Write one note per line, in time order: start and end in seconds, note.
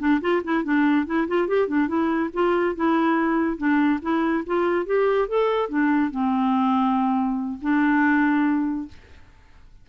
0.00 0.21 D4
0.22 0.43 F4
0.44 0.64 E4
0.64 1.07 D4
1.07 1.28 E4
1.28 1.48 F4
1.48 1.68 G4
1.68 1.88 D4
1.88 2.30 E4
2.34 2.76 F4
2.76 3.58 E4
3.58 4.00 D4
4.02 4.44 E4
4.46 4.86 F4
4.86 5.29 G4
5.29 5.69 A4
5.69 6.11 D4
6.11 7.59 C4
7.62 8.89 D4